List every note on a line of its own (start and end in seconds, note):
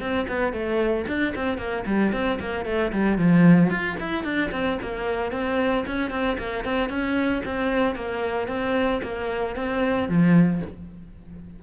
0.00 0.27 C4
0.28 0.53 B3
0.53 1.06 A3
1.07 1.34 D4
1.35 1.58 C4
1.58 1.84 A#3
1.86 2.12 G3
2.12 2.39 C4
2.40 2.65 A#3
2.65 2.92 A3
2.92 3.18 G3
3.18 3.70 F3
3.70 3.97 F4
4.00 4.24 E4
4.24 4.50 D4
4.52 4.78 C4
4.82 5.32 A#3
5.32 5.85 C4
5.86 6.10 C#4
6.10 6.37 C4
6.38 6.65 A#3
6.65 6.89 C4
6.89 7.42 C#4
7.45 7.95 C4
7.95 8.48 A#3
8.48 9.01 C4
9.03 9.56 A#3
9.56 10.09 C4
10.09 10.62 F3